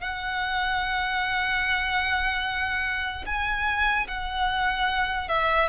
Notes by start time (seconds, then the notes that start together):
0.00 F#5
3.26 G#5
4.07 F#5
5.29 E5